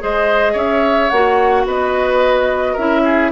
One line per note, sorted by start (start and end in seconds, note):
0.00 0.54 G#3
0.00 1.10 G#4
0.00 0.53 C5
0.00 0.58 D#5
0.53 1.09 C#4
0.53 1.63 C#5
0.53 1.09 E5
1.09 1.65 A#3
1.09 2.78 F#4
1.09 1.64 F#5
1.65 2.75 B3
1.65 2.73 B4
1.65 2.76 D#5
2.73 3.32 C#4
2.73 3.32 E4
2.73 3.01 A#4
2.73 3.31 E5
3.04 3.31 G#4